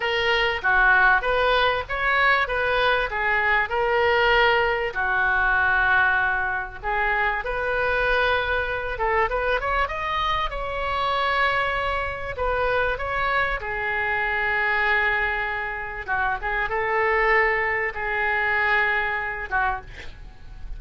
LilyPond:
\new Staff \with { instrumentName = "oboe" } { \time 4/4 \tempo 4 = 97 ais'4 fis'4 b'4 cis''4 | b'4 gis'4 ais'2 | fis'2. gis'4 | b'2~ b'8 a'8 b'8 cis''8 |
dis''4 cis''2. | b'4 cis''4 gis'2~ | gis'2 fis'8 gis'8 a'4~ | a'4 gis'2~ gis'8 fis'8 | }